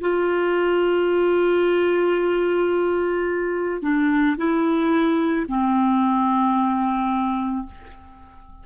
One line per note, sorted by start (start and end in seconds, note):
0.00 3.82 F4
3.82 4.36 D4
4.37 5.46 E4
5.48 7.66 C4